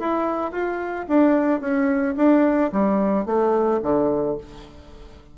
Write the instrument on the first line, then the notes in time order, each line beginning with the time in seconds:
bassoon
0.00 E4
0.52 F4
1.09 D4
1.61 C#4
2.17 D4
2.73 G3
3.27 A3
3.83 D3